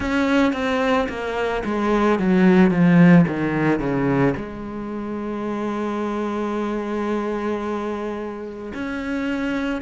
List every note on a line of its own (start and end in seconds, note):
0.00 0.52 C#4
0.53 1.07 C4
1.09 1.63 A#3
1.64 2.19 G#3
2.19 2.70 F#3
2.70 3.25 F3
3.27 3.79 D#3
3.79 4.33 C#3
4.36 8.73 G#3
8.74 9.81 C#4